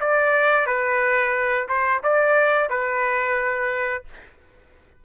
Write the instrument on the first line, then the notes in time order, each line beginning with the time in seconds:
trumpet
0.00 D5
0.67 B4
1.69 C5
2.03 D5
2.70 B4